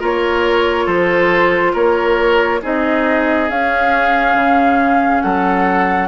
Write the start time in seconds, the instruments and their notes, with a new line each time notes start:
0.00 bassoon A#3, clarinet F4, oboe A#4, flute C#5
0.86 bassoon F3, oboe A4, flute C5
1.73 bassoon A#3, oboe A#4, flute C#5
2.62 bassoon C4, clarinet D#4, oboe G#4, flute D#5
3.50 bassoon C#4, clarinet C#4, flute F5
4.35 bassoon C#3
5.22 bassoon F#3, oboe A4, flute F#5